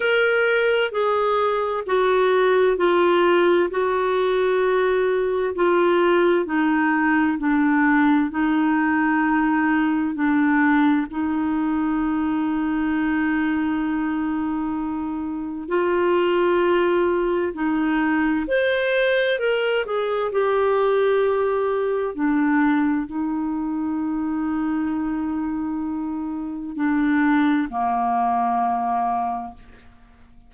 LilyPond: \new Staff \with { instrumentName = "clarinet" } { \time 4/4 \tempo 4 = 65 ais'4 gis'4 fis'4 f'4 | fis'2 f'4 dis'4 | d'4 dis'2 d'4 | dis'1~ |
dis'4 f'2 dis'4 | c''4 ais'8 gis'8 g'2 | d'4 dis'2.~ | dis'4 d'4 ais2 | }